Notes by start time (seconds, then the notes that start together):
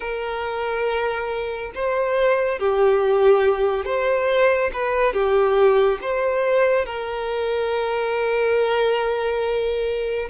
0.00 A#4
1.74 C5
2.59 G4
3.85 C5
4.73 B4
5.13 G4
6.01 C5
6.85 A#4